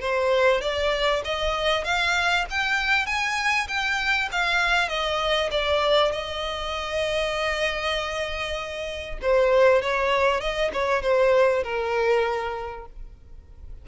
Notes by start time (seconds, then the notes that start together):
0.00 C5
0.61 D5
1.24 D#5
1.84 F5
2.50 G5
3.06 G#5
3.68 G5
4.31 F5
4.88 D#5
5.51 D5
6.12 D#5
9.22 C5
9.82 C#5
10.40 D#5
10.73 C#5
11.02 C5
11.63 A#4